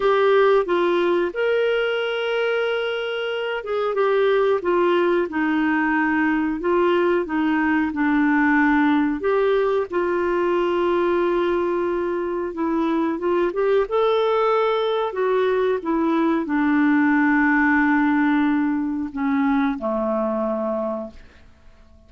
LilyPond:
\new Staff \with { instrumentName = "clarinet" } { \time 4/4 \tempo 4 = 91 g'4 f'4 ais'2~ | ais'4. gis'8 g'4 f'4 | dis'2 f'4 dis'4 | d'2 g'4 f'4~ |
f'2. e'4 | f'8 g'8 a'2 fis'4 | e'4 d'2.~ | d'4 cis'4 a2 | }